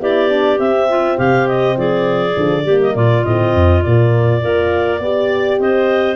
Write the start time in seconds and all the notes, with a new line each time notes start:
0.00 B3 E4 G4 D5
0.30 D4
0.59 C4 E5
0.89 F4
1.17 C3 G4 F5
1.48 D#5
1.77 F3 G#4 D5
2.33 D3 F3
2.64 G3 A#3 G4
2.82 D#5
2.94 A#2 F4 D5
3.24 A2 C4 D#5
3.54 F2
3.83 A#2 A#3 D5
4.41 A#3 F4 A#4
5.00 B3 G4 D5
5.59 C4 C5 D#5